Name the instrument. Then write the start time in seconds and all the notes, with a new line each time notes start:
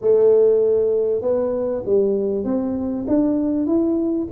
tuba
0.01 A3
1.21 B3
1.85 G3
2.44 C4
3.08 D4
3.66 E4